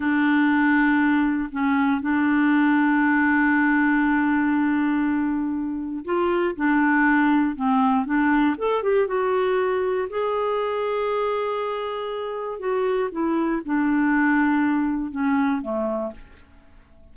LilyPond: \new Staff \with { instrumentName = "clarinet" } { \time 4/4 \tempo 4 = 119 d'2. cis'4 | d'1~ | d'1 | f'4 d'2 c'4 |
d'4 a'8 g'8 fis'2 | gis'1~ | gis'4 fis'4 e'4 d'4~ | d'2 cis'4 a4 | }